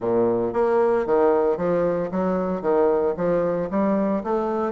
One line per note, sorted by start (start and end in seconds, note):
0.00 0.53 A#2
0.53 1.06 A#3
1.06 1.57 D#3
1.57 2.10 F3
2.11 2.61 F#3
2.61 3.14 D#3
3.16 3.69 F3
3.70 4.23 G3
4.23 4.72 A3